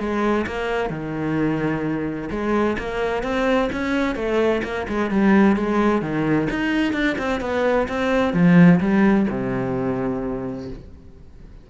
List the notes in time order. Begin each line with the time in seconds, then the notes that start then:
0.00 G#3
0.47 A#3
0.90 D#3
2.31 G#3
2.79 A#3
3.23 C4
3.73 C#4
4.16 A3
4.64 A#3
4.89 G#3
5.11 G3
5.57 G#3
6.02 D#3
6.51 D#4
6.93 D4
7.19 C4
7.41 B3
7.89 C4
8.34 F3
8.81 G3
9.31 C3